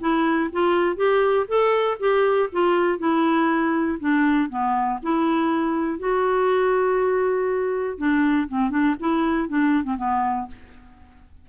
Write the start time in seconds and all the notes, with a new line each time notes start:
0.00 E4
0.52 F4
0.96 G4
1.48 A4
1.99 G4
2.52 F4
2.98 E4
3.99 D4
4.49 B3
5.02 E4
5.99 F#4
7.97 D4
8.48 C4
8.70 D4
8.99 E4
9.48 D4
9.84 C4
9.97 B3